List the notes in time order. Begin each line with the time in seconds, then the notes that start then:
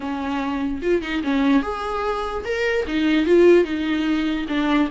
0.00 C#4
0.82 F4
1.02 D#4
1.23 C#4
1.62 G#4
2.45 A#4
2.87 D#4
3.26 F4
3.64 D#4
4.48 D4